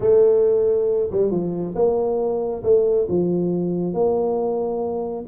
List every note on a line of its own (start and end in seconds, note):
0.00 1.09 A3
1.11 1.30 G3
1.30 1.74 F3
1.75 2.63 A#3
2.63 3.07 A3
3.08 3.93 F3
3.93 5.25 A#3